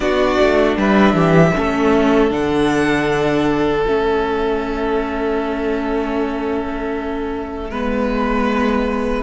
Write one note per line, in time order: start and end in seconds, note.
0.00 0.37 B3
0.00 1.51 D4
0.00 0.77 F#4
0.00 0.75 D5
0.40 0.76 A3
0.76 1.13 G3
0.76 1.15 B4
0.76 2.32 E5
1.13 1.51 E3
1.13 1.53 G4
1.53 2.30 A3
1.53 2.30 C#4
1.53 7.70 A4
2.30 3.84 D3
2.30 3.84 D4
2.30 3.85 F#5
3.85 7.70 A3
3.85 7.71 C#4
3.85 9.22 E5
7.70 9.22 G#3
7.70 9.22 B3
7.70 9.22 B4